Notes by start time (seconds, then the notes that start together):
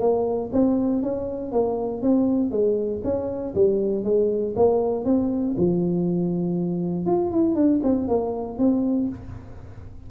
0.00 A#3
0.52 C4
1.02 C#4
1.52 A#3
2.02 C4
2.51 G#3
3.04 C#4
3.55 G3
4.04 G#3
4.56 A#3
5.05 C4
5.57 F3
7.06 F4
7.31 E4
7.55 D4
7.83 C4
8.08 A#3
8.58 C4